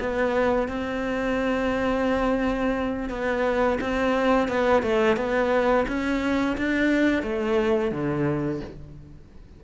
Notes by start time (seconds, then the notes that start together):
0.00 B3
0.68 C4
3.10 B3
3.81 C4
4.48 B3
4.83 A3
5.17 B3
5.88 C#4
6.57 D4
7.23 A3
7.92 D3